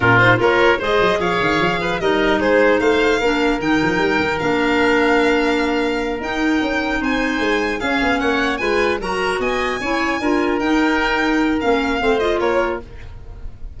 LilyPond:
<<
  \new Staff \with { instrumentName = "violin" } { \time 4/4 \tempo 4 = 150 ais'8 c''8 cis''4 dis''4 f''4~ | f''4 dis''4 c''4 f''4~ | f''4 g''2 f''4~ | f''2.~ f''8 g''8~ |
g''4. gis''2 f''8~ | f''8 fis''4 gis''4 ais''4 gis''8~ | gis''2~ gis''8 g''4.~ | g''4 f''4. dis''8 cis''4 | }
  \new Staff \with { instrumentName = "oboe" } { \time 4/4 f'4 ais'4 c''4 cis''4~ | cis''8 b'8 ais'4 gis'4 c''4 | ais'1~ | ais'1~ |
ais'4. c''2 gis'8~ | gis'8 cis''4 b'4 ais'4 dis''8~ | dis''8 cis''4 ais'2~ ais'8~ | ais'2 c''4 ais'4 | }
  \new Staff \with { instrumentName = "clarinet" } { \time 4/4 cis'8 dis'8 f'4 gis'2~ | gis'4 dis'2. | d'4 dis'2 d'4~ | d'2.~ d'8 dis'8~ |
dis'2.~ dis'8 cis'8~ | cis'4. f'4 fis'4.~ | fis'8 e'4 f'4 dis'4.~ | dis'4 cis'4 c'8 f'4. | }
  \new Staff \with { instrumentName = "tuba" } { \time 4/4 ais,4 ais4 gis8 fis8 f8 dis8 | f4 g4 gis4 a4 | ais4 dis8 f8 g8 dis8 ais4~ | ais2.~ ais8 dis'8~ |
dis'8 cis'4 c'4 gis4 cis'8 | b8 ais4 gis4 fis4 b8~ | b8 cis'4 d'4 dis'4.~ | dis'4 ais4 a4 ais4 | }
>>